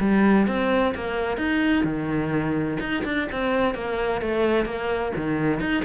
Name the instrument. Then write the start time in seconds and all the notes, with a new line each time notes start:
cello
0.00 G3
0.47 C4
0.95 A#3
1.37 D#4
1.84 D#3
2.80 D#4
3.04 D4
3.32 C4
3.74 A#3
4.21 A3
4.65 A#3
5.16 D#3
5.60 D#4